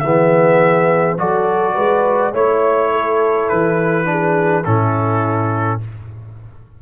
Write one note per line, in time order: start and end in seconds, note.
0.00 1.18 E3
0.00 1.19 G#4
0.00 1.15 E5
0.06 1.18 B3
1.18 1.76 F#3
1.18 2.33 F#4
1.18 1.74 A4
1.18 2.34 D5
1.74 2.33 G#3
1.74 2.32 B4
2.32 3.49 A3
2.32 4.06 E4
2.32 2.90 C#5
2.32 3.49 C#5
2.92 4.08 A4
3.49 4.67 E3
3.49 4.65 B4
4.06 4.63 D4
4.06 4.64 G#4
4.64 5.82 A2
4.64 5.81 C#4
4.64 5.80 E4
4.64 5.80 A4